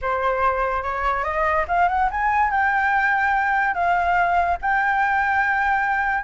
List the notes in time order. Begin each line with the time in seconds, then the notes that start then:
0.01 C5
0.82 C#5
1.23 D#5
1.68 F5
1.88 F#5
2.10 G#5
2.50 G5
3.73 F5
4.61 G5